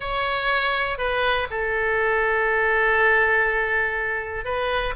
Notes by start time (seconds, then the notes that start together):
0.00 C#5
0.97 B4
1.50 A4
4.44 B4